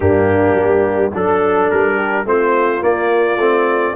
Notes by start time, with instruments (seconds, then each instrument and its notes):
0.00 tuba G2, trombone A#3, horn D4, trumpet G4
0.55 tuba G3
1.13 tuba F#3, trombone D4, horn A4, trumpet A4
1.70 tuba G3, trumpet A#4
1.95 horn G4
2.24 tuba A3, trombone C4, horn F4, trumpet C5
2.80 trombone A#3, tuba A#3, trumpet D5
3.37 tuba A3, trombone C4